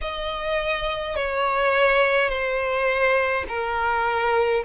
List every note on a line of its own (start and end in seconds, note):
0.01 1.15 D#5
1.15 2.29 C#5
2.29 3.44 C5
3.48 4.64 A#4